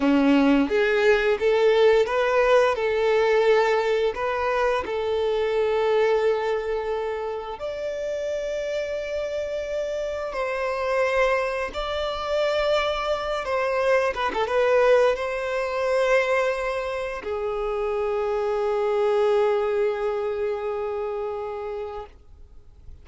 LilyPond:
\new Staff \with { instrumentName = "violin" } { \time 4/4 \tempo 4 = 87 cis'4 gis'4 a'4 b'4 | a'2 b'4 a'4~ | a'2. d''4~ | d''2. c''4~ |
c''4 d''2~ d''8 c''8~ | c''8 b'16 a'16 b'4 c''2~ | c''4 gis'2.~ | gis'1 | }